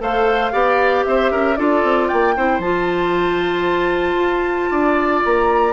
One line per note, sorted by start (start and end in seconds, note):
0.00 0.53 A3
0.00 0.52 A4
0.00 0.53 C5
0.00 1.06 F5
0.52 1.06 B3
0.52 1.57 G4
0.52 1.05 D5
1.06 1.32 C4
1.06 1.32 C5
1.06 1.57 E5
1.32 1.58 C#4
1.32 1.58 A#4
1.57 1.84 D4
1.57 2.36 F4
1.57 2.09 A4
1.57 2.09 D5
1.84 2.10 C4
2.09 2.37 A#3
2.09 2.35 D5
2.09 2.61 G5
2.37 2.59 C4
2.37 2.63 E4
2.37 4.71 C5
2.59 4.15 F3
2.59 5.74 F4
2.59 5.22 A5
4.15 4.67 F4
4.71 5.24 D4
4.71 5.74 D5
5.25 5.74 A#3
5.25 5.74 A#5